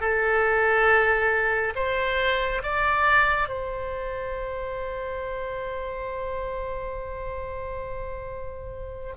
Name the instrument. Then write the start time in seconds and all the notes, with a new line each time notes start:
oboe
0.00 A4
1.75 C5
2.63 D5
3.49 C5